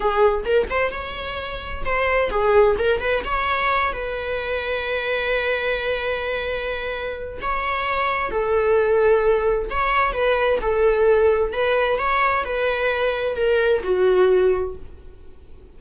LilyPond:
\new Staff \with { instrumentName = "viola" } { \time 4/4 \tempo 4 = 130 gis'4 ais'8 c''8 cis''2 | c''4 gis'4 ais'8 b'8 cis''4~ | cis''8 b'2.~ b'8~ | b'1 |
cis''2 a'2~ | a'4 cis''4 b'4 a'4~ | a'4 b'4 cis''4 b'4~ | b'4 ais'4 fis'2 | }